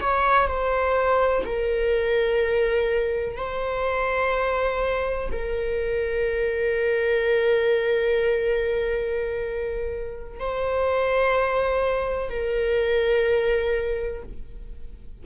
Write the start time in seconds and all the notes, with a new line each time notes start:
0.00 C#5
0.47 C5
1.45 A#4
3.36 C5
5.31 A#4
10.39 C5
12.29 A#4